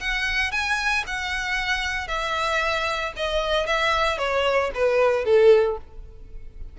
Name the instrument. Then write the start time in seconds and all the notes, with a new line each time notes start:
violin
0.00 F#5
0.52 G#5
1.07 F#5
2.08 E5
3.16 D#5
3.67 E5
4.18 C#5
4.75 B4
5.25 A4